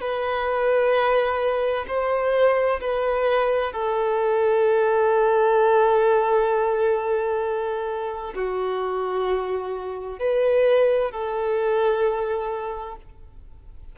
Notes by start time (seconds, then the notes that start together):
0.00 B4
1.88 C5
2.80 B4
3.72 A4
8.34 F#4
10.19 B4
11.11 A4